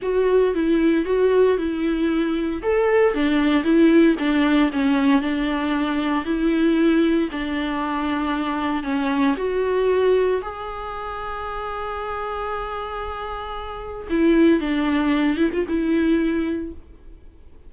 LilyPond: \new Staff \with { instrumentName = "viola" } { \time 4/4 \tempo 4 = 115 fis'4 e'4 fis'4 e'4~ | e'4 a'4 d'4 e'4 | d'4 cis'4 d'2 | e'2 d'2~ |
d'4 cis'4 fis'2 | gis'1~ | gis'2. e'4 | d'4. e'16 f'16 e'2 | }